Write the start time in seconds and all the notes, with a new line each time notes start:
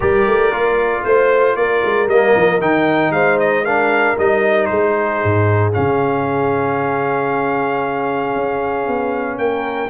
0.00 G3 G4 A#4 D5
0.26 A3
0.50 A#3 F4
1.03 A3 C5
1.55 A#3 A#4 D5
1.84 G#3
2.07 G3 A#3 D#5
2.35 F3
2.60 D#3 D#4 G5
3.10 G#3 C5 F5
3.39 D#5
3.64 D4 A#4 F5
4.18 G3 D#4 D#5
4.65 G#3 G#4 C5
5.23 G#2
5.72 C#3 C#4 F5
8.35 C#4
8.87 B3
9.38 A#3 A#4 G5